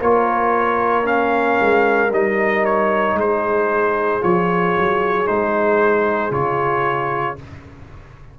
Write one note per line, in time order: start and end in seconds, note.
0.00 1.59 A#3
0.00 1.04 F4
0.00 3.16 A#4
0.00 1.07 C#5
1.04 2.09 C#4
1.04 2.12 F5
1.60 2.11 G#3
2.11 3.14 G3
2.11 4.21 D#4
2.11 2.65 D#5
2.65 3.18 C#5
3.14 4.19 G#3
3.14 7.39 G#4
3.14 4.23 C5
4.21 4.77 F3
4.21 5.26 F4
4.21 5.27 C#5
4.78 5.29 F#3
5.26 6.31 G#3
5.26 6.31 D#4
5.26 6.32 C5
6.31 7.36 C#3
6.31 7.36 F4
6.31 7.38 C#5